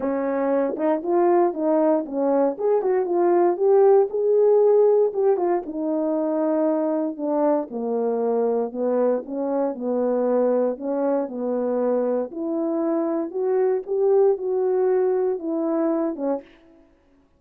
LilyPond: \new Staff \with { instrumentName = "horn" } { \time 4/4 \tempo 4 = 117 cis'4. dis'8 f'4 dis'4 | cis'4 gis'8 fis'8 f'4 g'4 | gis'2 g'8 f'8 dis'4~ | dis'2 d'4 ais4~ |
ais4 b4 cis'4 b4~ | b4 cis'4 b2 | e'2 fis'4 g'4 | fis'2 e'4. cis'8 | }